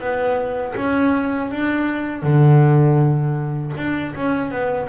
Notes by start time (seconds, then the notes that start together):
0.00 B3
0.76 C#4
1.51 D4
2.23 D3
3.77 D4
4.16 C#4
4.51 B3